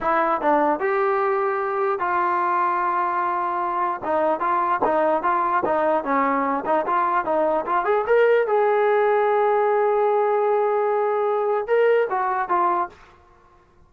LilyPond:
\new Staff \with { instrumentName = "trombone" } { \time 4/4 \tempo 4 = 149 e'4 d'4 g'2~ | g'4 f'2.~ | f'2 dis'4 f'4 | dis'4 f'4 dis'4 cis'4~ |
cis'8 dis'8 f'4 dis'4 f'8 gis'8 | ais'4 gis'2.~ | gis'1~ | gis'4 ais'4 fis'4 f'4 | }